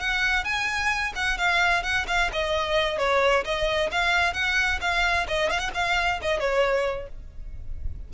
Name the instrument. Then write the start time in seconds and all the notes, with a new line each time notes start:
violin
0.00 F#5
0.45 G#5
1.15 F#5
1.38 F5
1.83 F#5
2.08 F5
2.33 D#5
2.98 C#5
3.45 D#5
3.91 F5
4.34 F#5
4.81 F5
5.28 D#5
5.50 F5
5.59 F#5
5.74 F5
6.22 D#5
6.40 C#5